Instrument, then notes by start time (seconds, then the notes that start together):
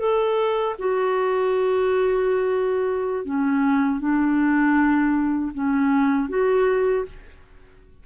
clarinet
0.00 A4
0.79 F#4
3.25 C#4
4.00 D4
5.54 C#4
6.29 F#4